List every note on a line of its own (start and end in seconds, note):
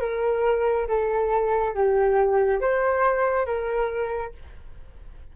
0.00 0.87 A#4
0.88 1.74 A4
1.74 2.60 G4
2.60 3.45 C5
3.45 4.32 A#4